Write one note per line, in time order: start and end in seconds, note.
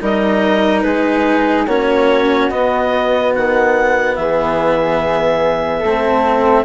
0.00 0.84 G3
0.00 1.67 D#4
0.00 0.85 A#4
0.00 0.81 D#5
0.81 1.66 G#3
0.81 1.66 G#4
0.81 1.64 B4
1.66 2.50 A#3
1.66 2.51 C#4
1.66 4.16 F#4
1.66 2.50 C#5
2.50 3.33 B3
2.50 5.84 B3
2.50 3.33 D#5
3.34 4.16 D#3
3.34 4.16 F#5
4.16 5.82 E3
4.16 5.80 G#4
4.16 6.65 E5
5.80 6.65 A3
5.80 6.63 A4
5.86 6.65 C4